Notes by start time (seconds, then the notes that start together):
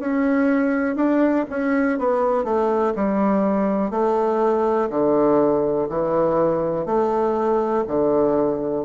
0.00 C#4
0.96 D4
1.50 C#4
1.99 B3
2.45 A3
2.96 G3
3.91 A3
4.90 D3
5.89 E3
6.86 A3
7.88 D3